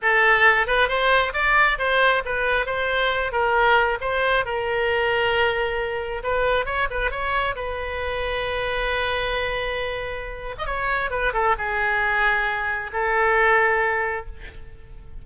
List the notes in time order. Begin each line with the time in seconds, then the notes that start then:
0.01 A4
0.67 B4
0.88 C5
1.33 D5
1.78 C5
2.25 B4
2.65 C5
3.32 A#4
4.00 C5
4.45 A#4
6.23 B4
6.65 C#5
6.90 B4
7.11 C#5
7.55 B4
10.57 D#5
10.65 C#5
11.10 B4
11.33 A4
11.58 G#4
12.92 A4